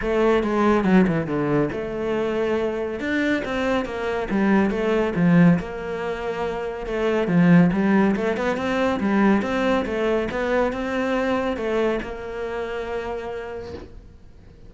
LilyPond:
\new Staff \with { instrumentName = "cello" } { \time 4/4 \tempo 4 = 140 a4 gis4 fis8 e8 d4 | a2. d'4 | c'4 ais4 g4 a4 | f4 ais2. |
a4 f4 g4 a8 b8 | c'4 g4 c'4 a4 | b4 c'2 a4 | ais1 | }